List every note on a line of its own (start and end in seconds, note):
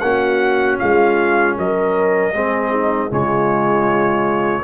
0.00 0.79 A#3
0.00 2.34 C#4
0.00 0.80 F#4
0.00 0.77 F#5
0.79 1.58 G#3
0.79 1.57 F4
0.79 1.56 F5
1.58 2.34 F#3
1.58 2.34 A#4
1.58 3.13 D#5
2.34 3.11 G#3
2.34 3.11 C4
2.34 2.72 G#4
2.72 3.10 D#4
3.11 4.64 C#3
3.11 4.64 G#3
3.11 4.64 F4
3.11 4.64 C#5